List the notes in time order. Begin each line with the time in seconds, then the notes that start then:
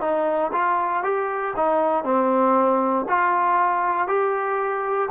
0.00 D#4
0.52 F4
1.03 G4
1.56 D#4
2.04 C4
3.08 F4
4.07 G4